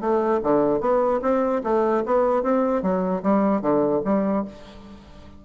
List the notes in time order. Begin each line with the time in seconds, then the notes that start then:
0.00 A3
0.43 D3
0.80 B3
1.22 C4
1.63 A3
2.05 B3
2.43 C4
2.82 F#3
3.23 G3
3.61 D3
4.05 G3